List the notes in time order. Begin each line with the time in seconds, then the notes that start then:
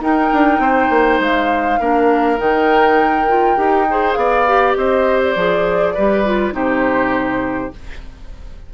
0.00 D#4 A#4 G5
0.33 D4
0.58 C4 C5
0.89 A#3
1.19 G#3 F5
1.79 A#3 D4 A#4
2.37 D#3 D#4 G5
3.28 F4
3.56 D#4 G4
3.89 G#4 C5
4.13 B3 D5 F5
4.47 G4
4.76 C4 C5 D#5
5.22 D5
5.35 F3 G#4
5.94 G3 G4 B4
6.25 F4
6.52 C3 D#4 G4 C5